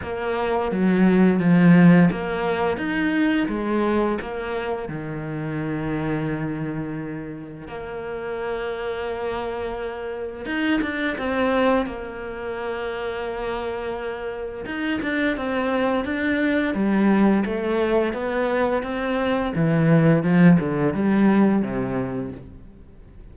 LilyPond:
\new Staff \with { instrumentName = "cello" } { \time 4/4 \tempo 4 = 86 ais4 fis4 f4 ais4 | dis'4 gis4 ais4 dis4~ | dis2. ais4~ | ais2. dis'8 d'8 |
c'4 ais2.~ | ais4 dis'8 d'8 c'4 d'4 | g4 a4 b4 c'4 | e4 f8 d8 g4 c4 | }